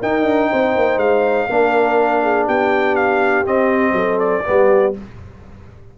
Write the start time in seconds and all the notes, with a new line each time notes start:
0.00 D#4 A#4 G5
0.26 D4
0.50 C4 C5
0.76 A#3
0.97 G#3 F5
1.49 A#3 D4 A#4
2.23 G#4
2.46 B3 G4 G5
2.95 F5
3.45 C4 D#5
3.92 F#3 A4
4.19 D5
4.44 G3 B3 G4